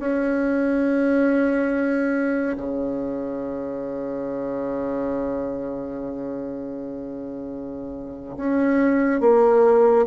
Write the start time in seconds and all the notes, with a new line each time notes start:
0.00 C#4
2.58 C#3
8.37 C#4
9.21 A#3